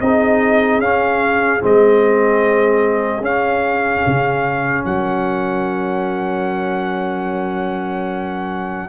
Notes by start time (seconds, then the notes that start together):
0.00 C4 D#4 G#4 D#5
0.79 C#4 F5
1.60 G#3 C4 D#5
3.21 C#4 F5
4.06 C#3
4.85 F#3 A#4 F#5